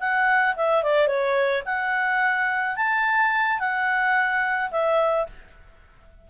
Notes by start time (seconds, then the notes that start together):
0.00 F#5
0.56 E5
0.83 D5
1.07 C#5
1.65 F#5
2.77 A5
3.60 F#5
4.71 E5